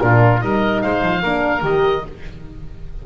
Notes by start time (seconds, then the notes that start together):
0.00 A#2 D4 F4 A#4
0.39 G3 D#4 A#4 D#5
0.81 G#3 C5 F5
1.02 F3
1.22 A#3 D4 A#4
1.62 D#3 G4 D#5